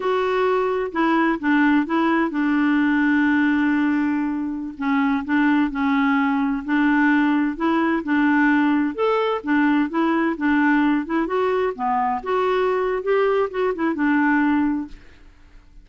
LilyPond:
\new Staff \with { instrumentName = "clarinet" } { \time 4/4 \tempo 4 = 129 fis'2 e'4 d'4 | e'4 d'2.~ | d'2~ d'16 cis'4 d'8.~ | d'16 cis'2 d'4.~ d'16~ |
d'16 e'4 d'2 a'8.~ | a'16 d'4 e'4 d'4. e'16~ | e'16 fis'4 b4 fis'4.~ fis'16 | g'4 fis'8 e'8 d'2 | }